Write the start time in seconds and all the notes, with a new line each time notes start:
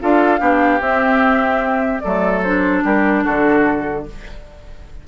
0.00 D4 F4 A4 F5
0.38 B3 D4 G4
0.80 C4 E5
1.99 F#3 A3 A4 D5
2.42 D4 C5
2.83 G3 G4 A#4
3.24 D3 F#4 A4